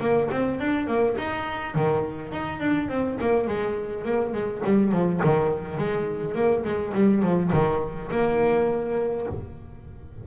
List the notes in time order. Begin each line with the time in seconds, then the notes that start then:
0.00 A#3
0.31 C4
0.60 D4
0.87 A#3
1.18 D#4
1.74 D#3
2.32 D#4
2.60 D4
2.88 C4
3.20 A#3
3.47 G#3
4.04 A#3
4.32 G#3
4.63 G3
4.91 F3
5.24 D#3
5.77 G#3
6.34 A#3
6.63 G#3
6.93 G3
7.22 F3
7.52 D#3
8.11 A#3